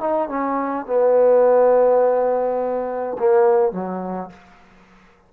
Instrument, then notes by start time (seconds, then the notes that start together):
trombone
0.00 D#4
0.28 C#4
0.86 B3
3.18 A#3
3.72 F#3